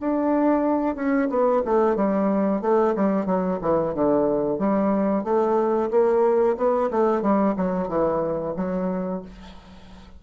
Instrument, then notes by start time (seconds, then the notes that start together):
bassoon
0.00 D4
0.95 C#4
1.29 B3
1.65 A3
1.96 G3
2.61 A3
2.96 G3
3.25 F#3
3.61 E3
3.94 D3
4.59 G3
5.24 A3
5.90 A#3
6.57 B3
6.91 A3
7.21 G3
7.56 F#3
7.88 E3
8.56 F#3